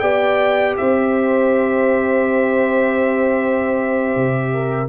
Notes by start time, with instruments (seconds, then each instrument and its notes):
0.00 tuba B3, trombone G4, horn D5, trumpet G5
0.77 tuba C4, horn C5, trumpet E5
4.16 tuba C3
4.53 horn A#4